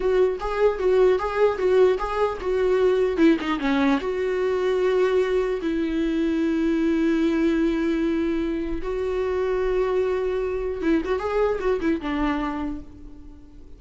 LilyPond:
\new Staff \with { instrumentName = "viola" } { \time 4/4 \tempo 4 = 150 fis'4 gis'4 fis'4 gis'4 | fis'4 gis'4 fis'2 | e'8 dis'8 cis'4 fis'2~ | fis'2 e'2~ |
e'1~ | e'2 fis'2~ | fis'2. e'8 fis'8 | gis'4 fis'8 e'8 d'2 | }